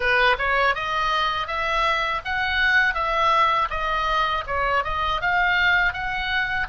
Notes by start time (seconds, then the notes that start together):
0.00 B4
0.38 C#5
0.74 D#5
1.47 E5
2.24 F#5
2.94 E5
3.69 D#5
4.46 C#5
4.84 D#5
5.21 F5
5.93 F#5